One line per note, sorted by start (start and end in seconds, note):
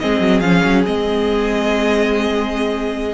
0.00 0.20 G#3
0.00 0.43 C4
0.00 3.15 G#4
0.00 0.40 D#5
0.20 0.41 F#3
0.40 0.62 F3
0.40 0.86 C#4
0.40 0.83 F5
0.65 0.86 F#3
0.86 3.15 G#3
0.86 3.15 C4
0.86 3.15 D#5